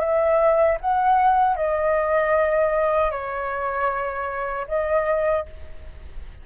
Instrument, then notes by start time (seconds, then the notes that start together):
flute
0.00 E5
0.81 F#5
1.56 D#5
3.11 C#5
4.68 D#5